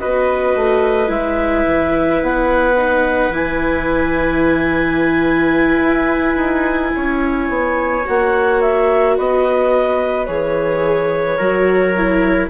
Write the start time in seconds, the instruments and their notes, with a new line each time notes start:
0.00 bassoon B3, viola F#4, trumpet B4, clarinet D#5
0.56 bassoon A3
1.08 bassoon G#3, viola E4, clarinet E5
1.66 bassoon E3
2.22 bassoon B3, clarinet F#5
2.78 viola D#4
3.30 bassoon E3, viola E4, clarinet G#5
5.82 bassoon E4
6.36 bassoon D#4
6.96 bassoon C#4, trumpet C#5
7.49 bassoon B3
8.05 bassoon A#3, viola F#4, clarinet F#5
8.62 clarinet E5
9.17 bassoon B3, trumpet B4, clarinet D#5
10.26 bassoon E3, viola G#4, clarinet C#5
11.38 bassoon F#3, viola F#4, trumpet A#4
11.97 viola E4